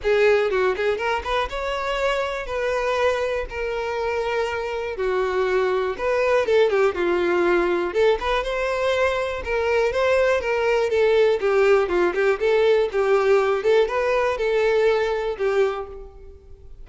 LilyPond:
\new Staff \with { instrumentName = "violin" } { \time 4/4 \tempo 4 = 121 gis'4 fis'8 gis'8 ais'8 b'8 cis''4~ | cis''4 b'2 ais'4~ | ais'2 fis'2 | b'4 a'8 g'8 f'2 |
a'8 b'8 c''2 ais'4 | c''4 ais'4 a'4 g'4 | f'8 g'8 a'4 g'4. a'8 | b'4 a'2 g'4 | }